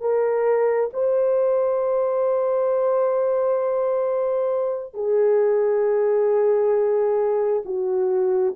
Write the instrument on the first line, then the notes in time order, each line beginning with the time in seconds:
horn
0.00 A#4
0.93 C5
4.94 G#4
7.65 F#4